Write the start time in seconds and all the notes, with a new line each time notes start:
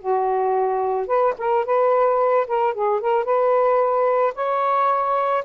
0.00 F#4
1.07 B4
1.38 A#4
1.65 B4
2.47 A#4
2.74 G#4
3.01 A#4
3.25 B4
4.35 C#5